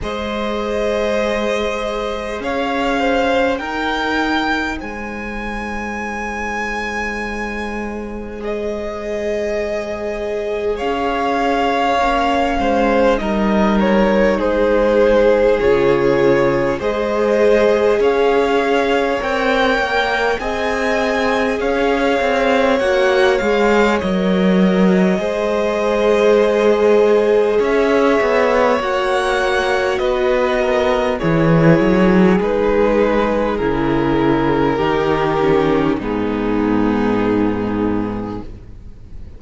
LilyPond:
<<
  \new Staff \with { instrumentName = "violin" } { \time 4/4 \tempo 4 = 50 dis''2 f''4 g''4 | gis''2. dis''4~ | dis''4 f''2 dis''8 cis''8 | c''4 cis''4 dis''4 f''4 |
g''4 gis''4 f''4 fis''8 f''8 | dis''2. e''4 | fis''4 dis''4 cis''4 b'4 | ais'2 gis'2 | }
  \new Staff \with { instrumentName = "violin" } { \time 4/4 c''2 cis''8 c''8 ais'4 | c''1~ | c''4 cis''4. c''8 ais'4 | gis'2 c''4 cis''4~ |
cis''4 dis''4 cis''2~ | cis''4 c''2 cis''4~ | cis''4 b'8 ais'8 gis'2~ | gis'4 g'4 dis'2 | }
  \new Staff \with { instrumentName = "viola" } { \time 4/4 gis'2. dis'4~ | dis'2. gis'4~ | gis'2 cis'4 dis'4~ | dis'4 f'4 gis'2 |
ais'4 gis'2 fis'8 gis'8 | ais'4 gis'2. | fis'2 e'4 dis'4 | e'4 dis'8 cis'8 b2 | }
  \new Staff \with { instrumentName = "cello" } { \time 4/4 gis2 cis'4 dis'4 | gis1~ | gis4 cis'4 ais8 gis8 g4 | gis4 cis4 gis4 cis'4 |
c'8 ais8 c'4 cis'8 c'8 ais8 gis8 | fis4 gis2 cis'8 b8 | ais4 b4 e8 fis8 gis4 | cis4 dis4 gis,2 | }
>>